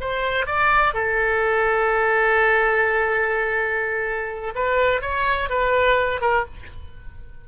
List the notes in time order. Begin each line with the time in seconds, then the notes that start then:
0.00 C5
0.46 D5
0.94 A4
4.55 B4
5.01 C#5
5.49 B4
6.21 A#4